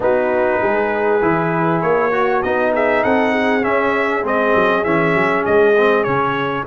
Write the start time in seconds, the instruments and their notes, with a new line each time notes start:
0.00 tuba B3, trombone D#4, horn F#4, trumpet B4
0.61 tuba G#3, horn G#4
1.21 tuba E3, trombone E4
1.81 tuba A#3, trumpet C#5
2.11 horn F#4, trombone F#4
2.42 tuba B3, trombone D#4, trumpet D#5
2.73 horn G#4, trumpet E5
3.03 tuba C4, horn A4, trumpet F#5
3.32 horn G#4
3.62 trombone C#4, tuba C#4, trumpet E5
4.24 tuba G#3, trombone C4, trumpet D#5
4.55 tuba F#3
4.84 tuba E3, trombone C#4, trumpet E5
5.14 tuba F#3
5.45 tuba G#3, trumpet D#5
5.77 trombone C4
6.03 tuba C#3, trombone C#4, trumpet C#5